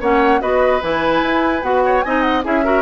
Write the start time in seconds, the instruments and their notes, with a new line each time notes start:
0.00 bassoon A#3, clarinet C#4, oboe C#5, flute F#5
0.40 bassoon B3, clarinet F#4, oboe B4, flute D#5
0.82 bassoon E3, clarinet E4, flute G#5
1.22 bassoon E4
1.62 bassoon B3, clarinet F#4, flute F#5
1.85 oboe C#5
2.02 bassoon C4, clarinet D#4, oboe D#5, flute G#5
2.21 flute F#5
2.43 bassoon C#4, clarinet E4, oboe G#4, flute E5
2.64 clarinet F#4, oboe A#4